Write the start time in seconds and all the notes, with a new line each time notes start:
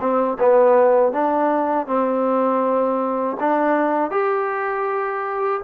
0.00 C4
0.39 B3
1.12 D4
1.86 C4
3.40 D4
4.11 G4